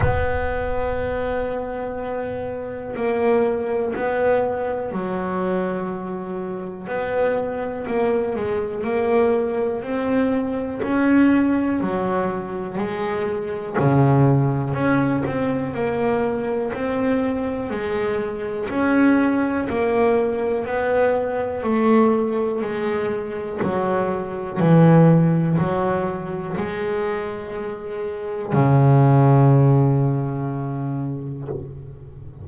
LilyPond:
\new Staff \with { instrumentName = "double bass" } { \time 4/4 \tempo 4 = 61 b2. ais4 | b4 fis2 b4 | ais8 gis8 ais4 c'4 cis'4 | fis4 gis4 cis4 cis'8 c'8 |
ais4 c'4 gis4 cis'4 | ais4 b4 a4 gis4 | fis4 e4 fis4 gis4~ | gis4 cis2. | }